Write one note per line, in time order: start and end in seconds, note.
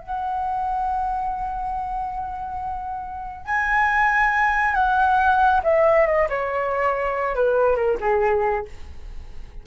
0.00 3.45 F#5
3.45 4.74 G#5
4.74 5.60 F#5
5.64 6.06 E5
6.06 6.28 D#5
6.29 7.35 C#5
7.35 7.76 B4
7.76 7.98 A#4
8.00 8.65 G#4